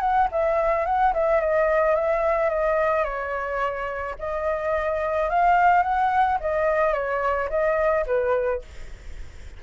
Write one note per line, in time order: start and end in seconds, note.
0.00 0.28 F#5
0.32 0.86 E5
0.86 1.13 F#5
1.13 1.40 E5
1.40 1.95 D#5
1.95 2.49 E5
2.49 3.04 D#5
3.04 4.15 C#5
4.19 5.30 D#5
5.30 5.83 F5
5.83 6.38 F#5
6.40 6.93 D#5
6.93 7.48 C#5
7.49 8.05 D#5
8.06 8.62 B4